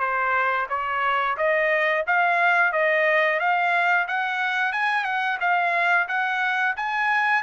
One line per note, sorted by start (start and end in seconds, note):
0.00 0.67 C5
0.70 1.37 C#5
1.38 2.05 D#5
2.07 2.73 F5
2.73 3.40 D#5
3.40 4.08 F5
4.08 4.73 F#5
4.73 5.05 G#5
5.05 5.39 F#5
5.41 6.08 F5
6.09 6.76 F#5
6.77 7.43 G#5